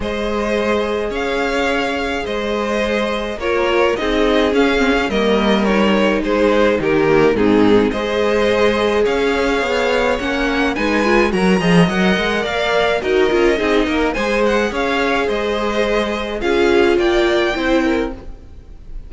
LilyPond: <<
  \new Staff \with { instrumentName = "violin" } { \time 4/4 \tempo 4 = 106 dis''2 f''2 | dis''2 cis''4 dis''4 | f''4 dis''4 cis''4 c''4 | ais'4 gis'4 dis''2 |
f''2 fis''4 gis''4 | ais''4 fis''4 f''4 dis''4~ | dis''4 gis''8 fis''8 f''4 dis''4~ | dis''4 f''4 g''2 | }
  \new Staff \with { instrumentName = "violin" } { \time 4/4 c''2 cis''2 | c''2 ais'4 gis'4~ | gis'4 ais'2 gis'4 | g'4 dis'4 c''2 |
cis''2. b'4 | ais'8 dis''4. d''4 ais'4 | gis'8 ais'8 c''4 cis''4 c''4~ | c''4 gis'4 d''4 c''8 ais'8 | }
  \new Staff \with { instrumentName = "viola" } { \time 4/4 gis'1~ | gis'2 f'4 dis'4 | cis'8 c'16 cis'16 ais4 dis'2~ | dis'8 ais8 c'4 gis'2~ |
gis'2 cis'4 dis'8 f'8 | fis'8 gis'8 ais'2 fis'8 f'8 | dis'4 gis'2.~ | gis'4 f'2 e'4 | }
  \new Staff \with { instrumentName = "cello" } { \time 4/4 gis2 cis'2 | gis2 ais4 c'4 | cis'4 g2 gis4 | dis4 gis,4 gis2 |
cis'4 b4 ais4 gis4 | fis8 f8 fis8 gis8 ais4 dis'8 cis'8 | c'8 ais8 gis4 cis'4 gis4~ | gis4 cis'4 ais4 c'4 | }
>>